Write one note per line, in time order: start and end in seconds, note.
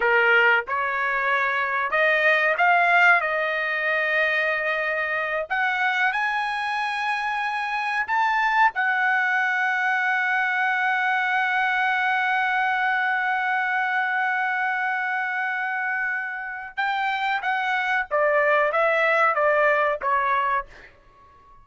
0.00 0.65 A#4
0.67 1.90 C#5
1.90 2.55 D#5
2.57 3.20 F5
3.20 5.46 D#5
5.49 6.12 F#5
6.12 8.06 G#5
8.07 8.71 A5
8.74 16.77 F#5
16.77 17.41 G5
17.42 18.06 F#5
18.11 18.72 D5
18.72 19.34 E5
19.34 19.99 D5
20.01 20.66 C#5